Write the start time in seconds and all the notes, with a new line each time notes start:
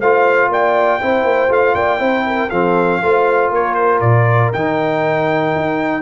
0.00 A3 F4 C5 F5
0.49 A#3 D5 G5
1.01 C4 E4 C5
1.24 A#3
1.49 A3 F4 F5
1.75 A#3 D5 G5
1.99 C4 E4 C5
2.27 A#4
2.50 F3 C4 A4 F5
3.02 A3 F4 C5
3.50 A#3 A#4 C#5
3.75 C5
4.01 A#2 D5
4.53 D#3 D#4 G5
5.56 D#4